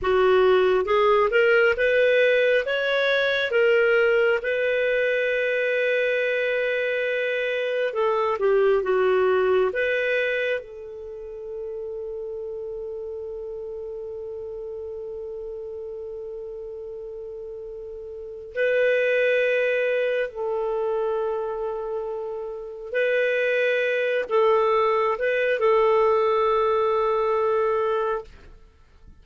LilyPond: \new Staff \with { instrumentName = "clarinet" } { \time 4/4 \tempo 4 = 68 fis'4 gis'8 ais'8 b'4 cis''4 | ais'4 b'2.~ | b'4 a'8 g'8 fis'4 b'4 | a'1~ |
a'1~ | a'4 b'2 a'4~ | a'2 b'4. a'8~ | a'8 b'8 a'2. | }